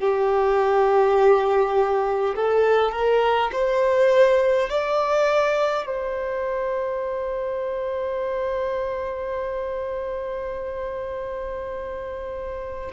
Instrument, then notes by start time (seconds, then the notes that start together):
violin
0.00 G4
2.36 A4
2.93 A#4
3.53 C5
4.70 D5
5.86 C5